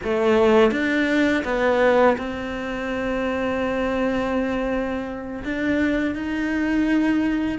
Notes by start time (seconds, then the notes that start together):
0.03 A3
0.71 D4
1.44 B3
2.17 C4
5.44 D4
6.15 D#4